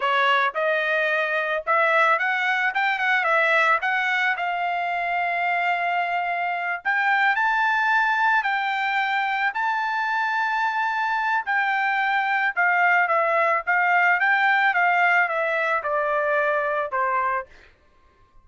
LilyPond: \new Staff \with { instrumentName = "trumpet" } { \time 4/4 \tempo 4 = 110 cis''4 dis''2 e''4 | fis''4 g''8 fis''8 e''4 fis''4 | f''1~ | f''8 g''4 a''2 g''8~ |
g''4. a''2~ a''8~ | a''4 g''2 f''4 | e''4 f''4 g''4 f''4 | e''4 d''2 c''4 | }